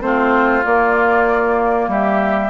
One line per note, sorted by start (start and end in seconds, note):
0.00 0.63 A3
0.00 0.62 C4
0.00 1.90 F4
0.00 0.63 C5
0.64 1.88 A#3
0.64 2.50 A#3
0.64 1.89 D5
1.88 2.50 G3
1.88 2.50 G4
1.88 2.50 E5